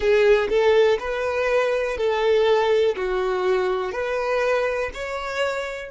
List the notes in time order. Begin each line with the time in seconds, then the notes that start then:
0.00 G#4
0.49 A4
0.99 B4
1.97 A4
2.96 F#4
3.92 B4
4.94 C#5